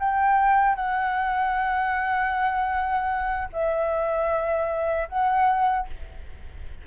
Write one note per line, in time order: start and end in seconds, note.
0.00 0.76 G5
0.76 3.49 F#5
3.53 5.09 E5
5.09 5.87 F#5